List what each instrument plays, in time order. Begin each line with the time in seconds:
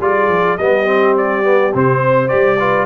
0.00 tuba G3, trombone F4, horn G#4, trumpet D5
0.28 tuba F3
0.57 tuba G3, trombone B3, horn G4, trumpet D#5
0.86 trombone C4
1.17 trumpet D5
1.44 trombone B3
1.74 tuba C3, trombone C4, trumpet C5
2.00 horn C5
2.28 tuba G3, trombone G4, trumpet D5
2.59 trombone F4, horn B4